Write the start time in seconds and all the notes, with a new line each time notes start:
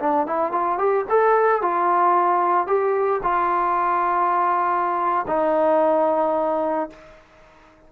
0.00 D4
0.27 E4
0.52 F4
0.78 G4
1.09 A4
1.62 F4
2.67 G4
3.23 F4
5.28 D#4